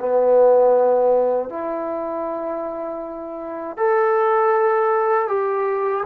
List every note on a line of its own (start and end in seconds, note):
0.00 1.50 B3
1.50 3.77 E4
3.77 5.28 A4
5.28 6.04 G4